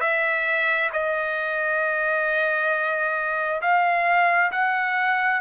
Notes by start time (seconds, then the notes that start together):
0.00 E5
0.92 D#5
3.61 F5
4.51 F#5